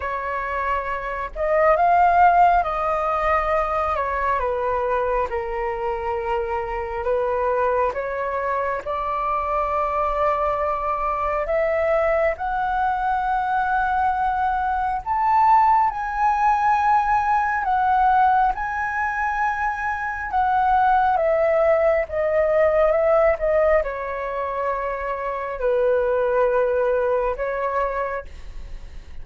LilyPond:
\new Staff \with { instrumentName = "flute" } { \time 4/4 \tempo 4 = 68 cis''4. dis''8 f''4 dis''4~ | dis''8 cis''8 b'4 ais'2 | b'4 cis''4 d''2~ | d''4 e''4 fis''2~ |
fis''4 a''4 gis''2 | fis''4 gis''2 fis''4 | e''4 dis''4 e''8 dis''8 cis''4~ | cis''4 b'2 cis''4 | }